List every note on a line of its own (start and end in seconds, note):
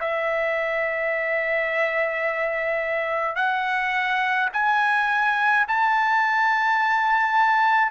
0.00 3.36 E5
3.36 4.49 F#5
4.53 5.66 G#5
5.68 7.91 A5